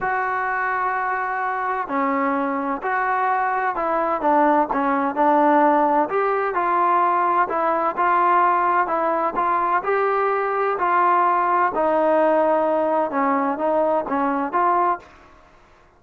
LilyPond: \new Staff \with { instrumentName = "trombone" } { \time 4/4 \tempo 4 = 128 fis'1 | cis'2 fis'2 | e'4 d'4 cis'4 d'4~ | d'4 g'4 f'2 |
e'4 f'2 e'4 | f'4 g'2 f'4~ | f'4 dis'2. | cis'4 dis'4 cis'4 f'4 | }